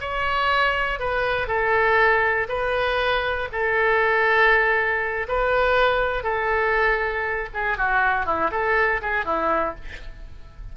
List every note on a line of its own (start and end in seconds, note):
0.00 0.99 C#5
0.99 1.47 B4
1.47 2.47 A4
2.48 3.48 B4
3.52 5.27 A4
5.28 6.23 B4
6.23 7.48 A4
7.53 7.77 G#4
7.77 8.25 F#4
8.25 8.50 E4
8.51 9.01 A4
9.01 9.25 G#4
9.25 9.75 E4